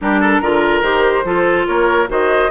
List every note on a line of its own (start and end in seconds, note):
0.01 0.41 G3
0.01 0.43 D4
0.01 0.20 G4
0.01 0.82 A#4
0.20 0.41 A4
0.41 0.81 D3
0.41 0.83 F4
0.41 1.25 A#4
0.81 1.23 D#3
0.81 1.24 G4
0.81 1.65 C5
1.24 1.65 F3
1.24 2.07 F4
1.24 1.67 A4
1.67 2.08 A#3
1.67 2.09 A#4
1.67 2.08 C#5
2.07 2.50 D#3
2.07 2.49 F#4
2.07 2.50 C5
2.07 2.50 D#5